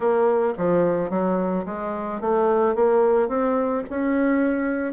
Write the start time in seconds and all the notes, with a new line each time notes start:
0.00 A#3
0.57 F3
1.10 F#3
1.65 G#3
2.20 A3
2.75 A#3
3.28 C4
3.89 C#4